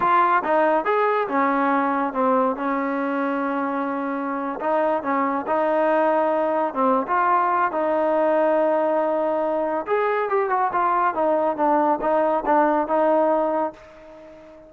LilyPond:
\new Staff \with { instrumentName = "trombone" } { \time 4/4 \tempo 4 = 140 f'4 dis'4 gis'4 cis'4~ | cis'4 c'4 cis'2~ | cis'2~ cis'8. dis'4 cis'16~ | cis'8. dis'2. c'16~ |
c'8 f'4. dis'2~ | dis'2. gis'4 | g'8 fis'8 f'4 dis'4 d'4 | dis'4 d'4 dis'2 | }